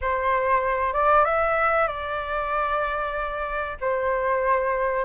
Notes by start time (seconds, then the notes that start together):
0.01 C5
0.93 D5
1.24 E5
1.87 D5
3.80 C5